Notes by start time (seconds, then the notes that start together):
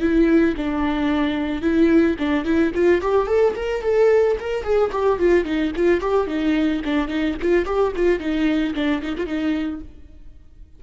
0.00 E4
0.57 D4
1.62 E4
2.19 D4
2.45 E4
2.75 F4
3.01 G4
3.27 A4
3.56 A#4
3.82 A4
4.40 A#4
4.63 G#4
4.92 G4
5.19 F4
5.44 D#4
5.76 F4
6.00 G4
6.27 D#4
6.85 D4
7.08 D#4
7.42 F4
7.65 G4
7.96 F4
8.19 D#4
8.74 D4
9.02 D#4
9.17 F4
9.26 D#4